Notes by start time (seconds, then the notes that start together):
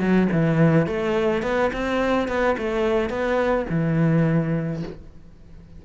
0.00 F#3
0.32 E3
0.87 A3
1.43 B3
1.73 C4
2.28 B3
2.58 A3
3.10 B3
3.70 E3